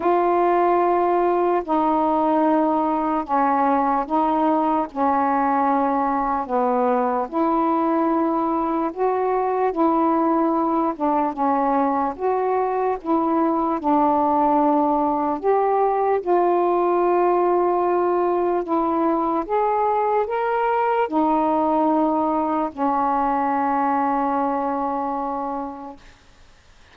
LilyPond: \new Staff \with { instrumentName = "saxophone" } { \time 4/4 \tempo 4 = 74 f'2 dis'2 | cis'4 dis'4 cis'2 | b4 e'2 fis'4 | e'4. d'8 cis'4 fis'4 |
e'4 d'2 g'4 | f'2. e'4 | gis'4 ais'4 dis'2 | cis'1 | }